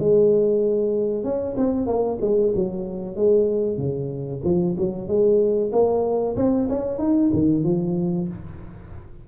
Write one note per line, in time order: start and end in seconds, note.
0.00 1.24 G#3
1.24 1.56 C#4
1.58 1.87 C4
1.87 2.19 A#3
2.21 2.53 G#3
2.56 3.16 F#3
3.16 3.78 G#3
3.78 4.42 C#3
4.44 4.76 F3
4.78 5.08 F#3
5.08 5.72 G#3
5.72 6.36 A#3
6.37 6.68 C4
6.70 6.99 C#4
6.99 7.31 D#4
7.33 7.64 D#3
7.64 8.28 F3